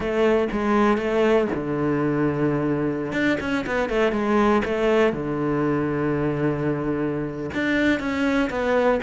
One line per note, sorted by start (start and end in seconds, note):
0.00 0.48 A3
0.51 0.97 G#3
0.97 1.47 A3
1.54 3.12 D3
3.12 3.37 D4
3.40 3.65 C#4
3.66 3.89 B3
3.89 4.12 A3
4.12 4.62 G#3
4.65 5.12 A3
5.12 7.50 D3
7.54 7.99 D4
7.99 8.49 C#4
8.50 9.00 B3